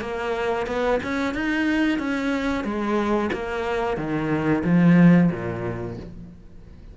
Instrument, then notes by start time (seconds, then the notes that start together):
cello
0.00 A#3
0.66 B3
1.03 C#4
1.34 D#4
1.98 C#4
2.64 G#3
3.32 A#3
3.97 D#3
4.64 F3
5.31 A#2